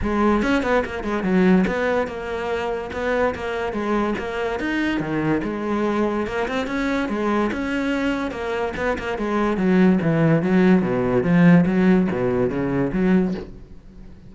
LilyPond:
\new Staff \with { instrumentName = "cello" } { \time 4/4 \tempo 4 = 144 gis4 cis'8 b8 ais8 gis8 fis4 | b4 ais2 b4 | ais4 gis4 ais4 dis'4 | dis4 gis2 ais8 c'8 |
cis'4 gis4 cis'2 | ais4 b8 ais8 gis4 fis4 | e4 fis4 b,4 f4 | fis4 b,4 cis4 fis4 | }